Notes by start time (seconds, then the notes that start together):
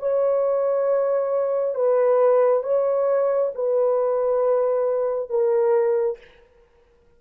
0.00 C#5
1.75 B4
2.64 C#5
3.55 B4
5.30 A#4